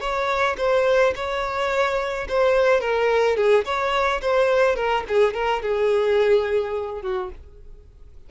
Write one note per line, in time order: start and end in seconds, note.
0.00 0.56 C#5
0.58 1.14 C5
1.15 2.28 C#5
2.28 2.81 C5
2.81 3.36 A#4
3.36 3.64 G#4
3.65 4.21 C#5
4.21 4.76 C5
4.76 5.04 A#4
5.08 5.34 G#4
5.34 5.62 A#4
5.62 7.02 G#4
7.02 7.30 F#4